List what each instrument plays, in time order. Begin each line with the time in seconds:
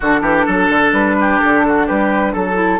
0.00 bassoon D3, clarinet D4, oboe F#4, flute A4
0.21 bassoon E3, oboe G4
0.45 bassoon F#3, oboe A4
0.69 bassoon D3
0.92 bassoon G3, flute B4
1.20 oboe G4
1.39 bassoon D3, flute A4
1.67 oboe F#4
1.86 bassoon G3, oboe G4, flute B4
2.32 bassoon F#3, oboe A4, flute A4
2.54 clarinet E4